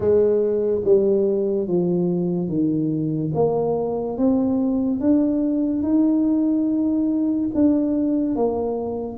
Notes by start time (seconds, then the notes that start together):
0.00 G#3
0.84 G3
1.67 F3
2.48 D#3
3.34 A#3
4.17 C4
5.00 D4
5.82 D#4
7.54 D4
8.35 A#3